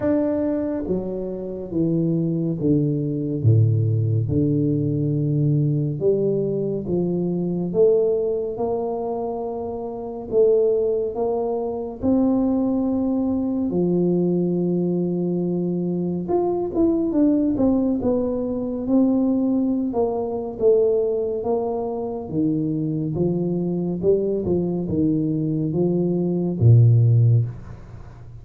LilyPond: \new Staff \with { instrumentName = "tuba" } { \time 4/4 \tempo 4 = 70 d'4 fis4 e4 d4 | a,4 d2 g4 | f4 a4 ais2 | a4 ais4 c'2 |
f2. f'8 e'8 | d'8 c'8 b4 c'4~ c'16 ais8. | a4 ais4 dis4 f4 | g8 f8 dis4 f4 ais,4 | }